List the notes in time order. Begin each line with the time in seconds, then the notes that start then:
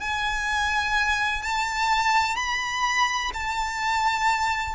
0.00 G#5
1.42 A5
2.35 B5
3.33 A5